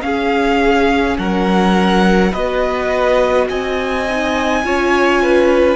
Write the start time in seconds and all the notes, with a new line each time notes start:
0.00 C#4 G#4 F5
1.18 F#3 A#4 F#5
2.32 B3 F#4 B4 D#5
3.49 C4 D#5 G#5
4.10 D#4
4.64 C#4 F4 C#5
5.23 B4